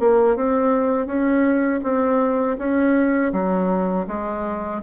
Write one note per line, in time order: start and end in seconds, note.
0.00 0.36 A#3
0.36 1.07 C4
1.07 1.81 C#4
1.84 2.58 C4
2.59 3.33 C#4
3.33 4.07 F#3
4.08 4.82 G#3